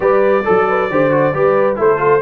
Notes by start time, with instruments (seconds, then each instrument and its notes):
0.00 tuba G3, trombone G4, horn B4, trumpet D5
0.44 tuba F#3, horn A4, trombone A4
0.68 horn B4
0.90 tuba D3, trombone G4, horn C5
1.10 trombone F#4
1.33 tuba G3, trombone G4, horn B4
1.76 tuba A3, trombone E4, horn A4, trumpet C5
1.97 trombone F4